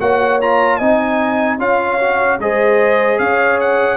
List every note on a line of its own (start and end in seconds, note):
0.00 0.80 A#3
0.00 0.40 F#4
0.00 0.78 C#5
0.00 0.40 F#5
0.41 0.80 F4
0.41 0.77 A#5
0.77 1.59 C4
0.77 1.59 D#4
0.77 1.58 D#5
0.77 1.57 G#5
1.58 2.39 C#4
1.58 1.99 F4
1.58 2.38 C#5
1.58 2.40 F5
2.00 2.40 F#4
2.39 3.19 G#3
2.39 3.96 G#4
2.39 3.21 C5
2.39 3.19 D#5
3.19 3.96 C#4
3.19 3.96 C#5
3.19 3.59 F5
3.60 3.96 F#5